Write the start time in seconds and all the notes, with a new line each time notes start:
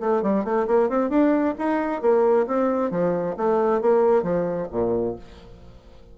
0.00 A3
0.22 G3
0.44 A3
0.67 A#3
0.89 C4
1.09 D4
1.58 D#4
2.01 A#3
2.46 C4
2.91 F3
3.37 A3
3.81 A#3
4.23 F3
4.71 A#2